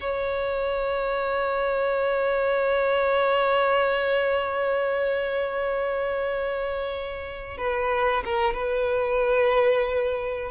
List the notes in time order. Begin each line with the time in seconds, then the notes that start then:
0.00 C#5
7.58 B4
8.24 A#4
8.54 B4